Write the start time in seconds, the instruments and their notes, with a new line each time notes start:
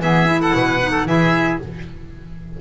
0.00 double bass E3, clarinet B3, oboe G#4, violin E5
0.26 clarinet E4
0.41 oboe A4, violin F#5
0.54 double bass B2, oboe B4
0.82 clarinet D#4
0.91 oboe A4
1.06 double bass E3, clarinet E4, oboe G#4, violin E5